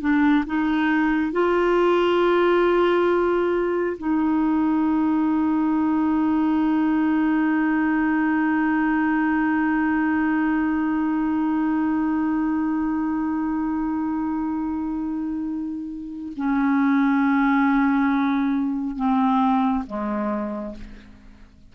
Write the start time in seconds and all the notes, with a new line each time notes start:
0.00 D4
0.46 D#4
1.32 F4
3.97 D#4
16.36 C#4
18.95 C4
19.86 G#3